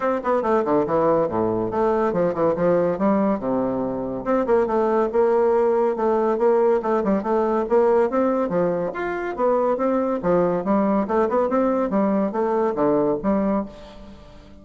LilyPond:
\new Staff \with { instrumentName = "bassoon" } { \time 4/4 \tempo 4 = 141 c'8 b8 a8 d8 e4 a,4 | a4 f8 e8 f4 g4 | c2 c'8 ais8 a4 | ais2 a4 ais4 |
a8 g8 a4 ais4 c'4 | f4 f'4 b4 c'4 | f4 g4 a8 b8 c'4 | g4 a4 d4 g4 | }